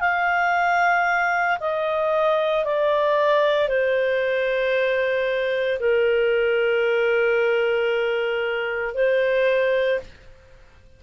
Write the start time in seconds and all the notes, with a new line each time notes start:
0.00 F5
1.59 D#5
2.65 D5
3.68 C5
5.79 A#4
8.94 C5